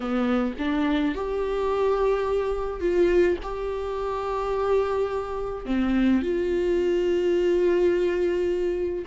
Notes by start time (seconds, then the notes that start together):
0.00 B3
0.58 D4
1.14 G4
2.80 F4
3.42 G4
5.65 C4
6.22 F4